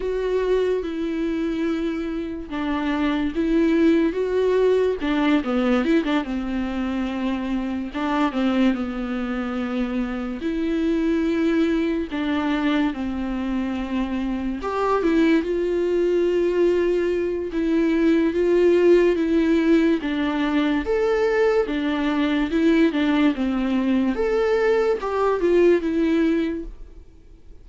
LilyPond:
\new Staff \with { instrumentName = "viola" } { \time 4/4 \tempo 4 = 72 fis'4 e'2 d'4 | e'4 fis'4 d'8 b8 e'16 d'16 c'8~ | c'4. d'8 c'8 b4.~ | b8 e'2 d'4 c'8~ |
c'4. g'8 e'8 f'4.~ | f'4 e'4 f'4 e'4 | d'4 a'4 d'4 e'8 d'8 | c'4 a'4 g'8 f'8 e'4 | }